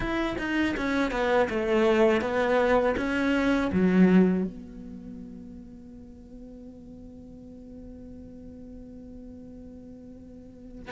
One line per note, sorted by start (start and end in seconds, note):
0.00 0.36 E4
0.38 0.75 D#4
0.76 1.11 C#4
1.11 1.48 B3
1.49 2.21 A3
2.21 2.95 B3
2.96 3.70 C#4
3.72 4.44 F#3
4.44 10.91 B3